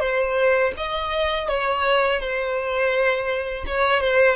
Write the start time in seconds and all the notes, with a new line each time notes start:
0.00 C5
0.77 D#5
1.48 C#5
2.20 C5
3.66 C#5
4.01 C5